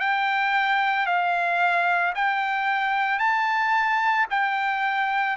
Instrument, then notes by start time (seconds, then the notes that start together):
trumpet
0.00 G5
1.07 F5
2.15 G5
3.19 A5
4.31 G5